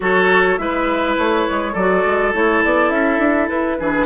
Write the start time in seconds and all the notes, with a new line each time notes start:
0.00 F#3 F#4 A4 C#5
0.57 G#3 E4 B4 E5
1.17 A3 C#5
1.50 G#3
1.72 F#3 A4 D5
1.79 F#4
2.05 G#3
2.32 A3 E4 C#5
2.64 B3 D5
2.89 C#4 E5
3.18 D4
3.48 E4 B4
3.79 E3 D4 G#4